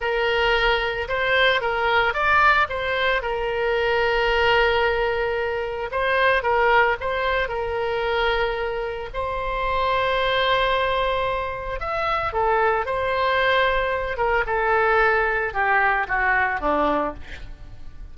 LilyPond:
\new Staff \with { instrumentName = "oboe" } { \time 4/4 \tempo 4 = 112 ais'2 c''4 ais'4 | d''4 c''4 ais'2~ | ais'2. c''4 | ais'4 c''4 ais'2~ |
ais'4 c''2.~ | c''2 e''4 a'4 | c''2~ c''8 ais'8 a'4~ | a'4 g'4 fis'4 d'4 | }